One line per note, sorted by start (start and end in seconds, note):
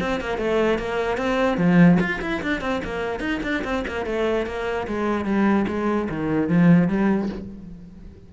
0.00 0.20 C4
0.20 0.37 A#3
0.37 0.78 A3
0.78 1.17 A#3
1.17 1.57 C4
1.57 1.98 F3
2.00 2.20 F4
2.21 2.42 E4
2.42 2.61 D4
2.61 2.81 C4
2.84 3.20 A#3
3.20 3.40 D#4
3.43 3.63 D4
3.64 3.85 C4
3.87 4.06 A#3
4.06 4.46 A3
4.46 4.87 A#3
4.87 5.25 G#3
5.25 5.66 G3
5.68 6.08 G#3
6.09 6.49 D#3
6.49 6.88 F3
6.88 7.29 G3